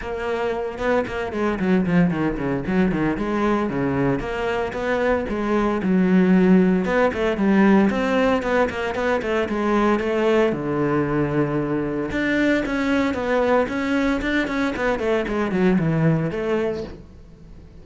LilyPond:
\new Staff \with { instrumentName = "cello" } { \time 4/4 \tempo 4 = 114 ais4. b8 ais8 gis8 fis8 f8 | dis8 cis8 fis8 dis8 gis4 cis4 | ais4 b4 gis4 fis4~ | fis4 b8 a8 g4 c'4 |
b8 ais8 b8 a8 gis4 a4 | d2. d'4 | cis'4 b4 cis'4 d'8 cis'8 | b8 a8 gis8 fis8 e4 a4 | }